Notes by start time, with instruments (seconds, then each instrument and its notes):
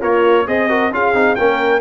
0.00 tuba A#3, horn F4, trombone A#4, trumpet C#5
0.47 tuba C4, trombone G#4, horn C5, trumpet D#5
0.69 trombone F#4, horn A#4
0.91 tuba C#4, trombone F4, horn G#4, trumpet F5
1.14 tuba C4, trombone D#4
1.36 tuba A#3, trombone C#4, horn A#4, trumpet G5